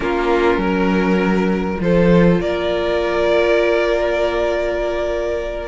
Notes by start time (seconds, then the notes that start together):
0.00 A#3 C#4 F4 A#4
0.57 F#3 A#4
1.80 F3 F4 A4 C5
2.41 A#3 A#4 D5